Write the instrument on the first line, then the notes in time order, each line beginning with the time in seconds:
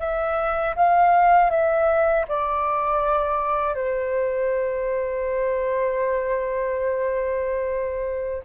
flute
0.00 E5
0.76 F5
1.50 E5
2.28 D5
3.75 C5